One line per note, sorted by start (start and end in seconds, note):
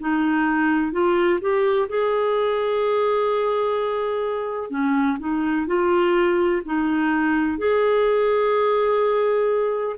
0.00 0.93 D#4
0.93 1.40 F4
1.41 1.89 G4
1.89 4.71 G#4
4.71 5.18 C#4
5.19 5.67 D#4
5.67 6.62 F4
6.66 7.58 D#4
7.58 9.97 G#4